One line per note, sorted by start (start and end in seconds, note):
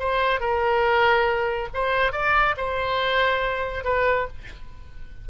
0.00 0.41 C5
0.41 1.69 A#4
1.74 2.13 C5
2.13 2.56 D5
2.57 3.85 C5
3.85 4.28 B4